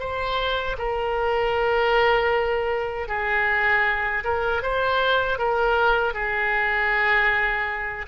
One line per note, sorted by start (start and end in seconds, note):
0.00 0.77 C5
0.78 3.08 A#4
3.08 4.24 G#4
4.24 4.63 A#4
4.63 5.39 C5
5.39 6.14 A#4
6.14 8.06 G#4